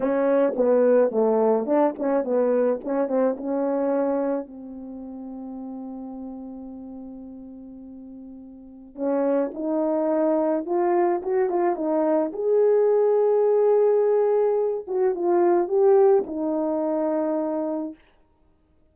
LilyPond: \new Staff \with { instrumentName = "horn" } { \time 4/4 \tempo 4 = 107 cis'4 b4 a4 d'8 cis'8 | b4 cis'8 c'8 cis'2 | c'1~ | c'1 |
cis'4 dis'2 f'4 | fis'8 f'8 dis'4 gis'2~ | gis'2~ gis'8 fis'8 f'4 | g'4 dis'2. | }